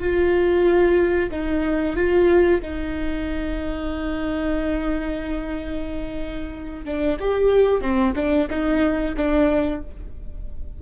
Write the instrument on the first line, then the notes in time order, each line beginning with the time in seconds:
viola
0.00 F4
1.32 D#4
1.96 F4
2.62 D#4
6.85 D4
7.21 G4
7.82 C4
8.16 D4
8.50 D#4
9.17 D4